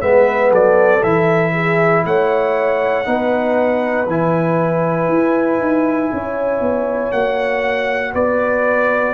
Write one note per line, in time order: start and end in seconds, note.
0.00 0.51 G#3
0.00 1.02 B3
0.00 0.51 B4
0.00 0.51 E5
0.51 1.02 F#3
0.51 1.52 A4
0.51 1.03 D5
1.03 2.05 E3
1.03 3.05 E4
1.03 2.05 E5
1.53 2.03 G#4
2.05 3.06 A3
2.05 3.08 C#5
2.05 4.08 F#5
3.05 4.07 B3
3.05 4.07 D#4
3.05 6.13 B4
4.07 5.08 E3
4.07 7.14 E4
4.07 7.12 G#5
5.08 5.59 E4
5.59 6.10 D#4
6.12 6.60 C#4
6.12 8.14 C#5
6.60 7.11 B3
7.12 8.14 A#3
7.12 9.14 F#4
7.12 8.14 F#5
8.14 9.14 B3
8.14 9.14 B4
8.14 9.14 D5